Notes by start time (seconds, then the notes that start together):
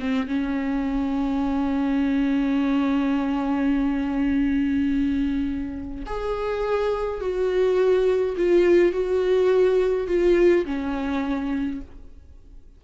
0.00 C4
0.28 C#4
6.06 G#4
7.21 F#4
8.37 F4
8.92 F#4
10.07 F4
10.66 C#4